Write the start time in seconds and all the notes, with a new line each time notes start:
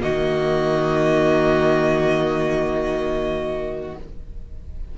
0.00 D#3 A#3 F#4 D#5